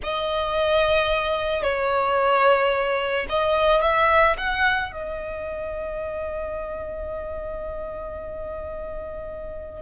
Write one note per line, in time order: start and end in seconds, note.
0.03 1.62 D#5
1.62 3.26 C#5
3.29 3.81 D#5
3.81 4.36 E5
4.37 4.91 F#5
4.91 9.81 D#5